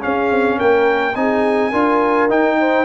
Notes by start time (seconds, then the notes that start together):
0.00 C#4 G#4 F5
0.31 C4
0.57 A#3 A#4 G5
1.15 C4 D#4 G#4 G#5
1.71 D4 F4 A#4
2.29 D#4 G5
2.60 C5